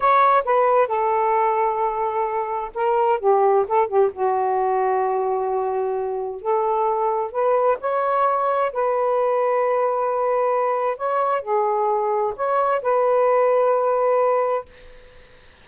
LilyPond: \new Staff \with { instrumentName = "saxophone" } { \time 4/4 \tempo 4 = 131 cis''4 b'4 a'2~ | a'2 ais'4 g'4 | a'8 g'8 fis'2.~ | fis'2 a'2 |
b'4 cis''2 b'4~ | b'1 | cis''4 gis'2 cis''4 | b'1 | }